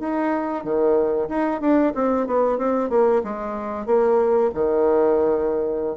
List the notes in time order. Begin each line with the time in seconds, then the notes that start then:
0.00 D#4
0.64 D#3
1.29 D#4
1.61 D4
1.95 C4
2.27 B3
2.59 C4
2.90 A#3
3.24 G#3
3.86 A#3
4.54 D#3